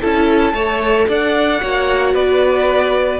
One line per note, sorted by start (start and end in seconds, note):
0.00 0.53 C#4
0.00 0.55 E4
0.00 0.53 A4
0.00 1.09 A5
0.53 1.06 A3
0.53 1.61 A4
0.53 1.07 C#5
1.08 1.61 D4
1.08 1.61 D5
1.08 2.15 F#5
1.61 2.14 A#3
1.61 3.20 F#4
1.61 2.14 C#5
2.14 3.20 B3
2.14 3.20 B4
2.14 3.20 D5